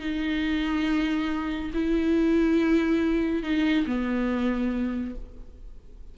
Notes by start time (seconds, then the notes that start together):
0.00 D#4
1.74 E4
3.43 D#4
3.86 B3